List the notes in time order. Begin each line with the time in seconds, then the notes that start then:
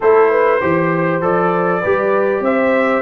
0.00 A3 E4 A4 C5
0.30 B4
0.60 E3 G4 C5
1.21 F3 A4 D5
1.80 G3 G4 B4
2.40 C4 C5 E5